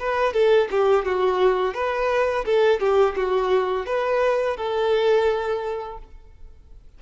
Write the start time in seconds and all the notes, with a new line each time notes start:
0.00 B4
0.34 A4
0.71 G4
1.06 F#4
1.75 B4
2.46 A4
2.80 G4
3.16 F#4
3.87 B4
4.57 A4